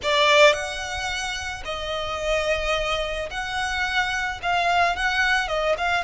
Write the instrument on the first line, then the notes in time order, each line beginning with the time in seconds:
violin
0.03 D5
0.53 F#5
1.64 D#5
3.30 F#5
4.42 F5
4.96 F#5
5.48 D#5
5.77 F5